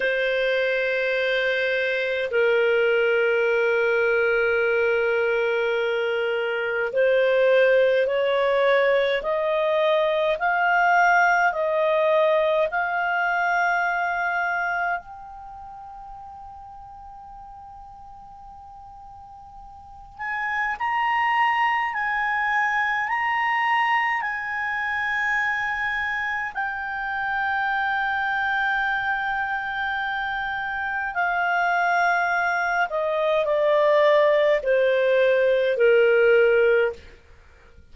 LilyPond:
\new Staff \with { instrumentName = "clarinet" } { \time 4/4 \tempo 4 = 52 c''2 ais'2~ | ais'2 c''4 cis''4 | dis''4 f''4 dis''4 f''4~ | f''4 g''2.~ |
g''4. gis''8 ais''4 gis''4 | ais''4 gis''2 g''4~ | g''2. f''4~ | f''8 dis''8 d''4 c''4 ais'4 | }